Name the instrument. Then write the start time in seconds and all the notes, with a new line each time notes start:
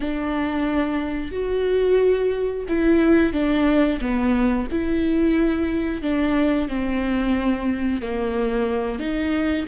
viola
0.00 D4
1.32 F#4
2.68 E4
3.32 D4
4.00 B3
4.71 E4
6.02 D4
6.68 C4
8.01 A#3
8.99 D#4